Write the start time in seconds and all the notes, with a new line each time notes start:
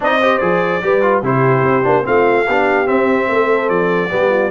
0.00 C4 D#4 D5 D#5
0.21 G4 C5
0.37 F3 G#4 D5
0.82 G3 G4 B4
1.02 F4
1.22 C3 E4 G4 C5
1.62 C4
1.83 A#3 D4
2.03 A3 C4 F4 F5
2.46 B3 D4 G4
2.86 C4 E5
3.28 A3 A4
3.69 F3 D5
4.10 G3 B3 G4
4.30 F4